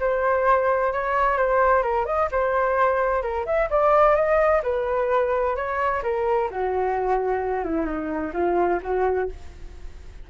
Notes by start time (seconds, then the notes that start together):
0.00 C5
0.93 C#5
1.37 C5
1.83 A#4
2.06 D#5
2.32 C5
3.22 A#4
3.46 E5
3.70 D5
4.16 D#5
4.63 B4
5.56 C#5
6.03 A#4
6.51 F#4
7.64 E4
7.86 D#4
8.34 F4
8.83 F#4